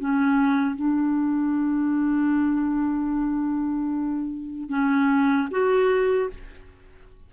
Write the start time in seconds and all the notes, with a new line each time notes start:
0.00 C#4
0.76 D4
4.70 C#4
5.51 F#4